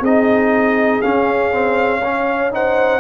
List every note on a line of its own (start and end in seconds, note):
0.00 1.01 C4
0.00 1.03 D#4
0.00 2.00 G#4
0.00 1.01 D#5
1.01 1.52 C#4
1.01 3.00 C#4
1.01 2.51 F5
1.52 2.02 C4
2.02 2.51 C#4
2.02 2.52 C#5
2.51 3.00 D#4
2.51 3.00 C5
2.51 3.00 F#5